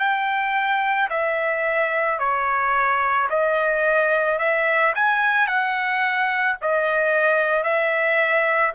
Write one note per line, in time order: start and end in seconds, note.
0.00 1.09 G5
1.11 2.20 E5
2.20 3.29 C#5
3.30 4.39 D#5
4.39 4.93 E5
4.95 5.48 G#5
5.48 6.57 F#5
6.62 7.64 D#5
7.64 8.73 E5